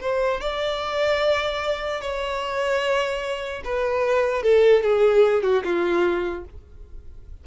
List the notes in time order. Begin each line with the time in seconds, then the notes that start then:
0.00 C5
0.41 D5
2.01 C#5
3.64 B4
4.42 A4
4.83 G#4
5.43 F#4
5.64 F4